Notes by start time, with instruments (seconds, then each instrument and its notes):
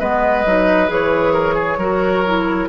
0.00 bassoon G#3, clarinet B3, oboe B4, flute D#5
0.46 bassoon F#3, clarinet D#4
0.88 bassoon E3, clarinet G#4, flute C#5
1.34 oboe A#4
1.55 oboe G#4
1.78 bassoon F#3, clarinet F#4, oboe A#4
2.26 clarinet E4